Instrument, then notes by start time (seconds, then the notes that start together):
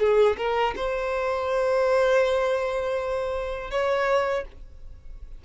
violin
0.00 G#4
0.38 A#4
0.76 C5
3.71 C#5